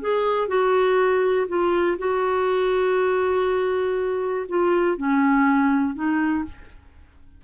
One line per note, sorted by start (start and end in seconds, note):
0.00 0.47 G#4
0.47 1.47 F#4
1.48 1.97 F4
1.98 4.46 F#4
4.48 4.96 F4
4.96 5.94 C#4
5.94 6.44 D#4